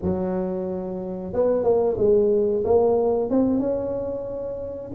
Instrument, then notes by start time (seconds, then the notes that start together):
tuba
0.01 F#3
1.33 B3
1.63 A#3
1.97 G#3
2.64 A#3
3.30 C4
3.59 C#4